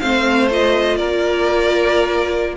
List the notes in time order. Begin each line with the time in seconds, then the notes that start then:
0.00 A3 C4 C5 F5
0.51 F4 D#5
0.97 A#3 A#4 D5